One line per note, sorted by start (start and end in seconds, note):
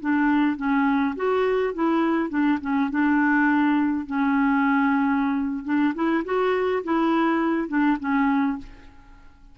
0.00 0.56 D4
0.56 1.15 C#4
1.16 1.73 F#4
1.73 2.29 E4
2.29 2.58 D4
2.61 2.90 C#4
2.90 4.06 D4
4.06 5.65 C#4
5.65 5.94 D4
5.95 6.24 E4
6.24 6.83 F#4
6.84 7.68 E4
7.68 7.97 D4
8.00 8.58 C#4